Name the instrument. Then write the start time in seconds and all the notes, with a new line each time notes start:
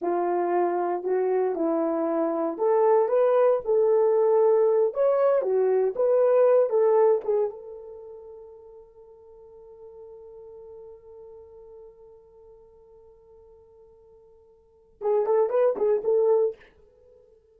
horn
0.01 F4
1.03 F#4
1.55 E4
2.57 A4
3.08 B4
3.64 A4
4.93 C#5
5.42 F#4
5.95 B4
6.69 A4
7.24 G#4
7.50 A4
15.01 G#4
15.26 A4
15.49 B4
15.76 G#4
16.03 A4